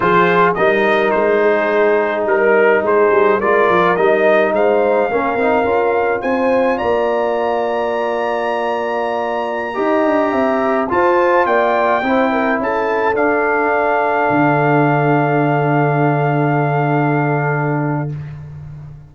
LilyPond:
<<
  \new Staff \with { instrumentName = "trumpet" } { \time 4/4 \tempo 4 = 106 c''4 dis''4 c''2 | ais'4 c''4 d''4 dis''4 | f''2. gis''4 | ais''1~ |
ais''2.~ ais''16 a''8.~ | a''16 g''2 a''4 f''8.~ | f''1~ | f''1 | }
  \new Staff \with { instrumentName = "horn" } { \time 4/4 gis'4 ais'4. gis'4. | ais'4 gis'4 ais'2 | c''4 ais'2 c''4 | d''1~ |
d''4~ d''16 dis''4 e''4 c''8.~ | c''16 d''4 c''8 ais'8 a'4.~ a'16~ | a'1~ | a'1 | }
  \new Staff \with { instrumentName = "trombone" } { \time 4/4 f'4 dis'2.~ | dis'2 f'4 dis'4~ | dis'4 cis'8 dis'8 f'2~ | f'1~ |
f'4~ f'16 g'2 f'8.~ | f'4~ f'16 e'2 d'8.~ | d'1~ | d'1 | }
  \new Staff \with { instrumentName = "tuba" } { \time 4/4 f4 g4 gis2 | g4 gis8 g8 gis8 f8 g4 | gis4 ais8 c'8 cis'4 c'4 | ais1~ |
ais4~ ais16 dis'8 d'8 c'4 f'8.~ | f'16 ais4 c'4 cis'4 d'8.~ | d'4~ d'16 d2~ d8.~ | d1 | }
>>